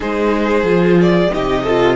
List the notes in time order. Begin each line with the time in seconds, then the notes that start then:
0.00 G#3 D#4 G#4 C5
0.63 F3 F4
1.01 D5
1.30 C3 D#4 G4 D#5
1.63 F4 A4